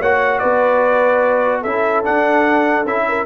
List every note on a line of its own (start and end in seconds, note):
0.00 0.41 A#3
0.00 1.65 F#4
0.00 0.40 C#5
0.00 0.39 F#5
0.39 1.65 B3
0.39 1.61 B4
0.39 1.61 D5
1.61 2.06 C#4
1.61 2.04 E4
1.61 3.04 A4
1.61 2.04 E5
2.04 2.85 D4
2.04 2.86 F#5
2.85 3.26 C#4
2.85 3.26 E4
2.85 3.26 E5
3.08 3.26 A#4